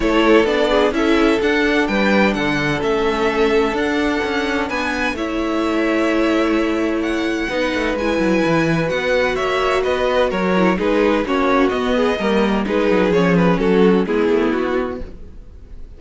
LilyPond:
<<
  \new Staff \with { instrumentName = "violin" } { \time 4/4 \tempo 4 = 128 cis''4 d''4 e''4 fis''4 | g''4 fis''4 e''2 | fis''2 gis''4 e''4~ | e''2. fis''4~ |
fis''4 gis''2 fis''4 | e''4 dis''4 cis''4 b'4 | cis''4 dis''2 b'4 | cis''8 b'8 a'4 gis'4 fis'4 | }
  \new Staff \with { instrumentName = "violin" } { \time 4/4 a'4. gis'8 a'2 | b'4 a'2.~ | a'2 b'4 cis''4~ | cis''1 |
b'1 | cis''4 b'4 ais'4 gis'4 | fis'4. gis'8 ais'4 gis'4~ | gis'4 fis'4 e'2 | }
  \new Staff \with { instrumentName = "viola" } { \time 4/4 e'4 d'4 e'4 d'4~ | d'2 cis'2 | d'2. e'4~ | e'1 |
dis'4 e'2 fis'4~ | fis'2~ fis'8 e'8 dis'4 | cis'4 b4 ais4 dis'4 | cis'2 b2 | }
  \new Staff \with { instrumentName = "cello" } { \time 4/4 a4 b4 cis'4 d'4 | g4 d4 a2 | d'4 cis'4 b4 a4~ | a1 |
b8 a8 gis8 fis8 e4 b4 | ais4 b4 fis4 gis4 | ais4 b4 g4 gis8 fis8 | f4 fis4 gis8 a8 b4 | }
>>